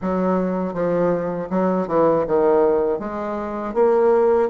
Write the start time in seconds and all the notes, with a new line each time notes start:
0.01 F#3
0.73 F3
1.50 F#3
1.88 E3
2.27 D#3
2.99 G#3
3.74 A#3